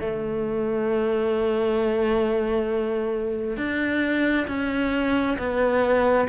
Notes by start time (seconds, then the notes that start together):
0.00 A3
3.57 D4
4.47 C#4
5.38 B3